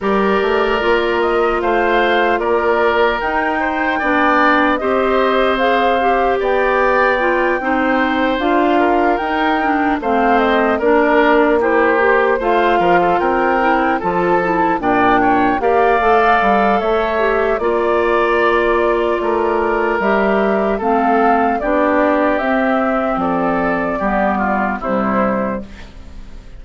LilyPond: <<
  \new Staff \with { instrumentName = "flute" } { \time 4/4 \tempo 4 = 75 d''4. dis''8 f''4 d''4 | g''2 dis''4 f''4 | g''2~ g''8 f''4 g''8~ | g''8 f''8 dis''8 d''4 c''4 f''8~ |
f''8 g''4 a''4 g''4 f''8~ | f''4 e''4 d''2~ | d''4 e''4 f''4 d''4 | e''4 d''2 c''4 | }
  \new Staff \with { instrumentName = "oboe" } { \time 4/4 ais'2 c''4 ais'4~ | ais'8 c''8 d''4 c''2 | d''4. c''4. ais'4~ | ais'8 c''4 ais'4 g'4 c''8 |
ais'16 a'16 ais'4 a'4 d''8 cis''8 d''8~ | d''4 cis''4 d''2 | ais'2 a'4 g'4~ | g'4 a'4 g'8 f'8 e'4 | }
  \new Staff \with { instrumentName = "clarinet" } { \time 4/4 g'4 f'2. | dis'4 d'4 g'4 gis'8 g'8~ | g'4 f'8 dis'4 f'4 dis'8 | d'8 c'4 d'4 e'8 g'8 f'8~ |
f'4 e'8 f'8 e'8 d'4 g'8 | a'4. g'8 f'2~ | f'4 g'4 c'4 d'4 | c'2 b4 g4 | }
  \new Staff \with { instrumentName = "bassoon" } { \time 4/4 g8 a8 ais4 a4 ais4 | dis'4 b4 c'2 | b4. c'4 d'4 dis'8~ | dis'8 a4 ais2 a8 |
f8 c'4 f4 ais,4 ais8 | a8 g8 a4 ais2 | a4 g4 a4 b4 | c'4 f4 g4 c4 | }
>>